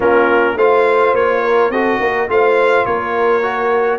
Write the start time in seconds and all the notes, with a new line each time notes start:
0.00 A#3 C#4 F4 A#4
0.56 A3 F4 C5 F5
1.13 A#3 C#5
1.43 A#4
1.70 C4 F#4 A4 D#5
2.00 A#3 A#4
2.28 A3 F4 C5 F5
2.85 A#3 A#4 C#5
3.42 F#4